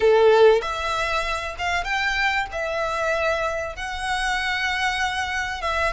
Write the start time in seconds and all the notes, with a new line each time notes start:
0.00 A4
0.61 E5
1.58 F5
1.84 G5
2.52 E5
3.76 F#5
5.61 E5